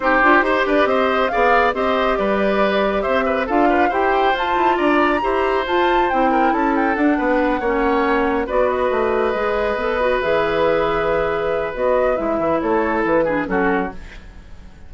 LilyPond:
<<
  \new Staff \with { instrumentName = "flute" } { \time 4/4 \tempo 4 = 138 c''4. d''8 dis''4 f''4 | dis''4 d''2 e''4 | f''4 g''4 a''4 ais''4~ | ais''4 a''4 g''4 a''8 g''8 |
fis''2.~ fis''8 d''8 | dis''2.~ dis''8 e''8~ | e''2. dis''4 | e''4 cis''4 b'4 a'4 | }
  \new Staff \with { instrumentName = "oboe" } { \time 4/4 g'4 c''8 b'8 c''4 d''4 | c''4 b'2 c''8 b'8 | a'8 b'8 c''2 d''4 | c''2~ c''8 ais'8 a'4~ |
a'8 b'4 cis''2 b'8~ | b'1~ | b'1~ | b'4 a'4. gis'8 fis'4 | }
  \new Staff \with { instrumentName = "clarinet" } { \time 4/4 dis'8 f'8 g'2 gis'4 | g'1 | f'4 g'4 f'2 | g'4 f'4 e'2 |
d'4. cis'2 fis'8~ | fis'4. gis'4 a'8 fis'8 gis'8~ | gis'2. fis'4 | e'2~ e'8 d'8 cis'4 | }
  \new Staff \with { instrumentName = "bassoon" } { \time 4/4 c'8 d'8 dis'8 d'8 c'4 b4 | c'4 g2 c'4 | d'4 e'4 f'8 e'8 d'4 | e'4 f'4 c'4 cis'4 |
d'8 b4 ais2 b8~ | b8 a4 gis4 b4 e8~ | e2. b4 | gis8 e8 a4 e4 fis4 | }
>>